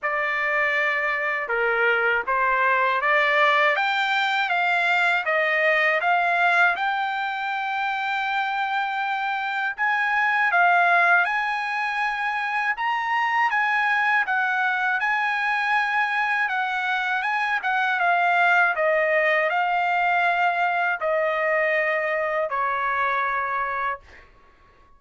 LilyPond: \new Staff \with { instrumentName = "trumpet" } { \time 4/4 \tempo 4 = 80 d''2 ais'4 c''4 | d''4 g''4 f''4 dis''4 | f''4 g''2.~ | g''4 gis''4 f''4 gis''4~ |
gis''4 ais''4 gis''4 fis''4 | gis''2 fis''4 gis''8 fis''8 | f''4 dis''4 f''2 | dis''2 cis''2 | }